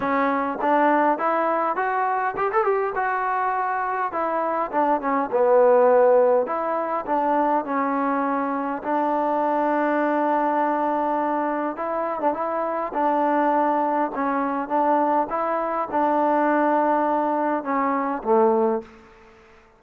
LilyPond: \new Staff \with { instrumentName = "trombone" } { \time 4/4 \tempo 4 = 102 cis'4 d'4 e'4 fis'4 | g'16 a'16 g'8 fis'2 e'4 | d'8 cis'8 b2 e'4 | d'4 cis'2 d'4~ |
d'1 | e'8. d'16 e'4 d'2 | cis'4 d'4 e'4 d'4~ | d'2 cis'4 a4 | }